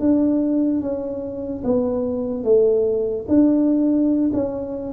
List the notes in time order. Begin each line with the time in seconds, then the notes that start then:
0.00 D4
0.81 C#4
1.64 B3
2.44 A3
3.28 D4
4.33 C#4